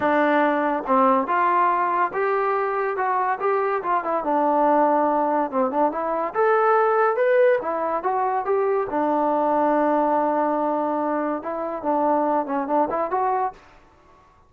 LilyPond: \new Staff \with { instrumentName = "trombone" } { \time 4/4 \tempo 4 = 142 d'2 c'4 f'4~ | f'4 g'2 fis'4 | g'4 f'8 e'8 d'2~ | d'4 c'8 d'8 e'4 a'4~ |
a'4 b'4 e'4 fis'4 | g'4 d'2.~ | d'2. e'4 | d'4. cis'8 d'8 e'8 fis'4 | }